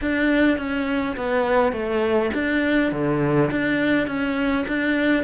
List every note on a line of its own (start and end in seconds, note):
0.01 0.57 D4
0.57 1.15 C#4
1.16 1.72 B3
1.72 2.30 A3
2.34 2.92 D4
2.92 3.50 D3
3.51 4.07 D4
4.07 4.65 C#4
4.67 5.23 D4